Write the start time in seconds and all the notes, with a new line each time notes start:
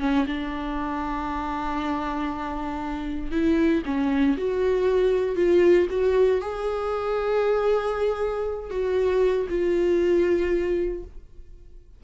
0.00 C#4
0.27 D4
3.31 E4
3.86 C#4
4.38 F#4
5.36 F4
5.90 F#4
6.41 G#4
8.70 F#4
9.50 F4